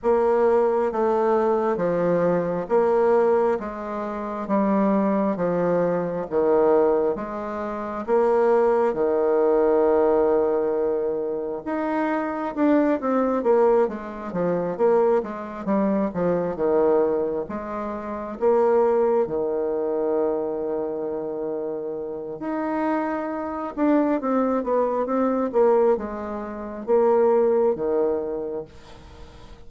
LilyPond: \new Staff \with { instrumentName = "bassoon" } { \time 4/4 \tempo 4 = 67 ais4 a4 f4 ais4 | gis4 g4 f4 dis4 | gis4 ais4 dis2~ | dis4 dis'4 d'8 c'8 ais8 gis8 |
f8 ais8 gis8 g8 f8 dis4 gis8~ | gis8 ais4 dis2~ dis8~ | dis4 dis'4. d'8 c'8 b8 | c'8 ais8 gis4 ais4 dis4 | }